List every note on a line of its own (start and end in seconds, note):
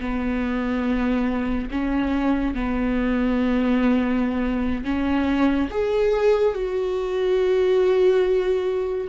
0.00 1.69 B3
1.71 2.54 C#4
2.54 4.84 B3
4.84 5.69 C#4
5.70 6.55 G#4
6.55 9.08 F#4